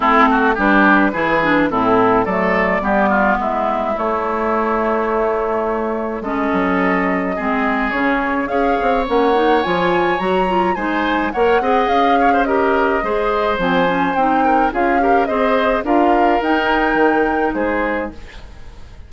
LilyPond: <<
  \new Staff \with { instrumentName = "flute" } { \time 4/4 \tempo 4 = 106 a'4 b'2 a'4 | d''2 e''4 cis''4~ | cis''2. dis''4~ | dis''2 cis''4 f''4 |
fis''4 gis''4 ais''4 gis''4 | fis''4 f''4 dis''2 | gis''4 g''4 f''4 dis''4 | f''4 g''2 c''4 | }
  \new Staff \with { instrumentName = "oboe" } { \time 4/4 e'8 fis'8 g'4 gis'4 e'4 | a'4 g'8 f'8 e'2~ | e'2. a'4~ | a'4 gis'2 cis''4~ |
cis''2. c''4 | cis''8 dis''4 cis''16 c''16 ais'4 c''4~ | c''4. ais'8 gis'8 ais'8 c''4 | ais'2. gis'4 | }
  \new Staff \with { instrumentName = "clarinet" } { \time 4/4 c'4 d'4 e'8 d'8 c'4 | a4 b2 a4~ | a2. cis'4~ | cis'4 c'4 cis'4 gis'4 |
cis'8 dis'8 f'4 fis'8 f'8 dis'4 | ais'8 gis'4. g'4 gis'4 | c'8 cis'8 dis'4 f'8 g'8 gis'4 | f'4 dis'2. | }
  \new Staff \with { instrumentName = "bassoon" } { \time 4/4 a4 g4 e4 a,4 | fis4 g4 gis4 a4~ | a2. gis8 fis8~ | fis4 gis4 cis4 cis'8 c'8 |
ais4 f4 fis4 gis4 | ais8 c'8 cis'2 gis4 | f4 c'4 cis'4 c'4 | d'4 dis'4 dis4 gis4 | }
>>